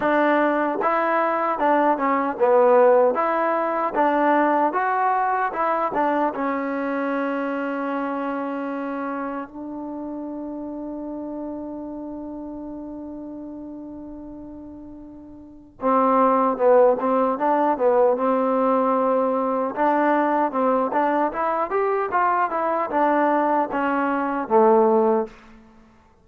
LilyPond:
\new Staff \with { instrumentName = "trombone" } { \time 4/4 \tempo 4 = 76 d'4 e'4 d'8 cis'8 b4 | e'4 d'4 fis'4 e'8 d'8 | cis'1 | d'1~ |
d'1 | c'4 b8 c'8 d'8 b8 c'4~ | c'4 d'4 c'8 d'8 e'8 g'8 | f'8 e'8 d'4 cis'4 a4 | }